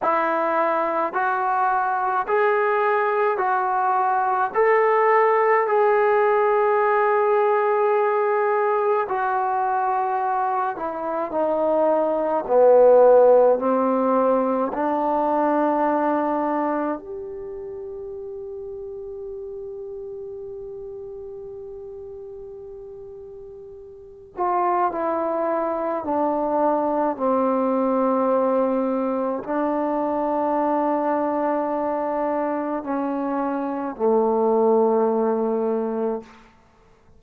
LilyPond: \new Staff \with { instrumentName = "trombone" } { \time 4/4 \tempo 4 = 53 e'4 fis'4 gis'4 fis'4 | a'4 gis'2. | fis'4. e'8 dis'4 b4 | c'4 d'2 g'4~ |
g'1~ | g'4. f'8 e'4 d'4 | c'2 d'2~ | d'4 cis'4 a2 | }